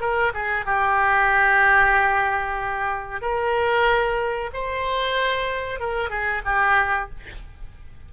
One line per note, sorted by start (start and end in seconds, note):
0.00 0.32 A#4
0.33 0.65 G#4
0.65 3.21 G4
3.21 4.50 A#4
4.53 5.80 C5
5.80 6.09 A#4
6.09 6.42 G#4
6.45 7.09 G4